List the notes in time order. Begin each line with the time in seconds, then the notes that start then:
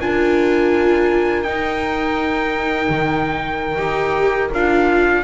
0.00 D4 F4 A#4 G#5
1.43 D#4 G5
2.89 D#3
3.78 D#4 G4
4.54 D4 F4 F5